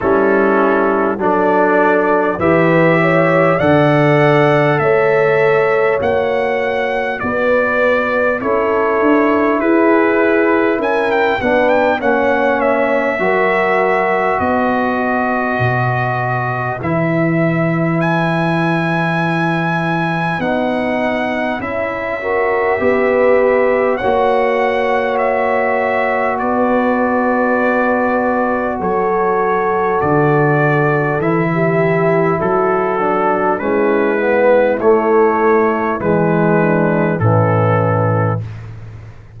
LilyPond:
<<
  \new Staff \with { instrumentName = "trumpet" } { \time 4/4 \tempo 4 = 50 a'4 d''4 e''4 fis''4 | e''4 fis''4 d''4 cis''4 | b'4 gis''16 g''16 fis''16 g''16 fis''8 e''4. | dis''2 e''4 gis''4~ |
gis''4 fis''4 e''2 | fis''4 e''4 d''2 | cis''4 d''4 e''4 a'4 | b'4 cis''4 b'4 a'4 | }
  \new Staff \with { instrumentName = "horn" } { \time 4/4 e'4 a'4 b'8 cis''8 d''4 | cis''2 b'4 a'4 | gis'4 ais'8 b'8 cis''4 ais'4 | b'1~ |
b'2~ b'8 ais'8 b'4 | cis''2 b'2 | a'2~ a'16 g'8. fis'4 | e'2~ e'8 d'8 cis'4 | }
  \new Staff \with { instrumentName = "trombone" } { \time 4/4 cis'4 d'4 g'4 a'4~ | a'4 fis'2 e'4~ | e'4. d'8 cis'4 fis'4~ | fis'2 e'2~ |
e'4 dis'4 e'8 fis'8 g'4 | fis'1~ | fis'2 e'4. d'8 | cis'8 b8 a4 gis4 e4 | }
  \new Staff \with { instrumentName = "tuba" } { \time 4/4 g4 fis4 e4 d4 | a4 ais4 b4 cis'8 d'8 | e'4 cis'8 b8 ais4 fis4 | b4 b,4 e2~ |
e4 b4 cis'4 b4 | ais2 b2 | fis4 d4 e4 fis4 | gis4 a4 e4 a,4 | }
>>